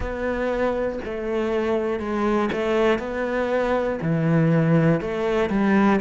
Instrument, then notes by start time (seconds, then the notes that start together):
cello
0.00 B3
1.05 A3
1.99 G#3
2.52 A3
2.98 B3
4.01 E3
5.00 A3
5.50 G3